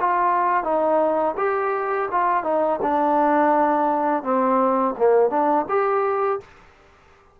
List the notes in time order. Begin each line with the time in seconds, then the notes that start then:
0.00 F4
0.63 D#4
1.37 G4
2.11 F4
2.44 D#4
2.82 D4
4.23 C4
4.97 A#3
5.30 D4
5.69 G4